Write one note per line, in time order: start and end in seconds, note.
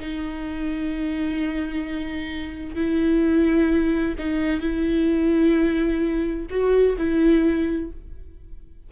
0.00 2.75 D#4
2.75 4.15 E4
4.19 4.61 D#4
4.61 6.47 E4
6.50 6.97 F#4
6.98 7.91 E4